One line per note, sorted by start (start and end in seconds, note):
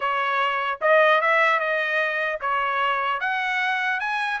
0.00 0.79 C#5
0.81 1.21 D#5
1.21 1.59 E5
1.59 2.39 D#5
2.41 3.20 C#5
3.20 3.99 F#5
3.99 4.39 G#5